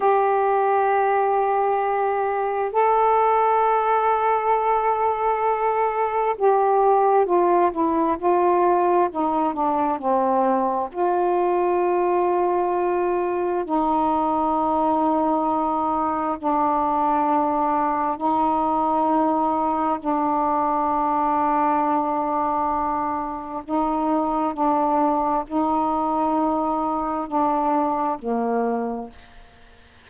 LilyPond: \new Staff \with { instrumentName = "saxophone" } { \time 4/4 \tempo 4 = 66 g'2. a'4~ | a'2. g'4 | f'8 e'8 f'4 dis'8 d'8 c'4 | f'2. dis'4~ |
dis'2 d'2 | dis'2 d'2~ | d'2 dis'4 d'4 | dis'2 d'4 ais4 | }